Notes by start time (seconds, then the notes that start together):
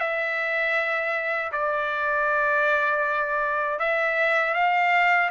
0.00 E5
1.52 D5
3.79 E5
4.54 F5